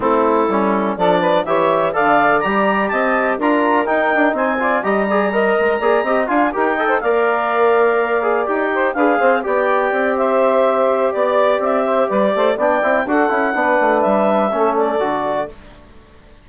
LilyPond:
<<
  \new Staff \with { instrumentName = "clarinet" } { \time 4/4 \tempo 4 = 124 a'2 d''4 e''4 | f''4 ais''4 a''4 ais''4 | g''4 gis''4 ais''2~ | ais''4 gis''8 g''4 f''4.~ |
f''4. g''4 f''4 g''8~ | g''4 e''2 d''4 | e''4 d''4 g''4 fis''4~ | fis''4 e''4. d''4. | }
  \new Staff \with { instrumentName = "saxophone" } { \time 4/4 e'2 a'8 b'8 cis''4 | d''2 dis''4 ais'4~ | ais'4 c''8 d''8 dis''8 d''8 dis''4 | d''8 dis''8 f''8 ais'8 dis''16 c''16 d''4.~ |
d''2 c''8 b'8 c''8 d''8~ | d''4 c''2 d''4~ | d''8 c''8 b'8 c''8 d''4 a'4 | b'2 a'2 | }
  \new Staff \with { instrumentName = "trombone" } { \time 4/4 c'4 cis'4 d'4 g'4 | a'4 g'2 f'4 | dis'4. f'8 g'8 gis'8 ais'4 | gis'8 g'8 f'8 g'8 a'8 ais'4.~ |
ais'4 gis'8 g'4 gis'4 g'8~ | g'1~ | g'2 d'8 e'8 fis'8 e'8 | d'2 cis'4 fis'4 | }
  \new Staff \with { instrumentName = "bassoon" } { \time 4/4 a4 g4 f4 e4 | d4 g4 c'4 d'4 | dis'8 d'8 c'4 g4. gis8 | ais8 c'8 d'8 dis'4 ais4.~ |
ais4. dis'4 d'8 c'8 b8~ | b8 c'2~ c'8 b4 | c'4 g8 a8 b8 c'8 d'8 cis'8 | b8 a8 g4 a4 d4 | }
>>